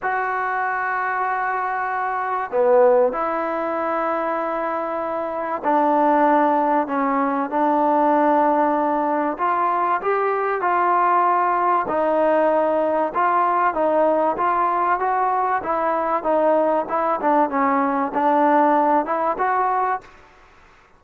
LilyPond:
\new Staff \with { instrumentName = "trombone" } { \time 4/4 \tempo 4 = 96 fis'1 | b4 e'2.~ | e'4 d'2 cis'4 | d'2. f'4 |
g'4 f'2 dis'4~ | dis'4 f'4 dis'4 f'4 | fis'4 e'4 dis'4 e'8 d'8 | cis'4 d'4. e'8 fis'4 | }